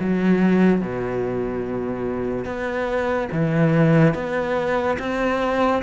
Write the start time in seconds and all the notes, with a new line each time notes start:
0.00 F#3
0.81 B2
2.45 B3
3.32 E3
4.14 B3
5.00 C4